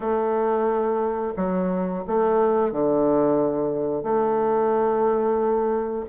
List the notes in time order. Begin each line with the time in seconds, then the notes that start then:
0.00 A3
1.36 F#3
2.07 A3
2.72 D3
4.03 A3